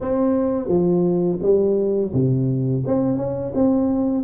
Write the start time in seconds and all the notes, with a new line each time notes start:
0.00 C4
0.68 F3
1.41 G3
2.13 C3
2.86 C4
3.17 C#4
3.55 C4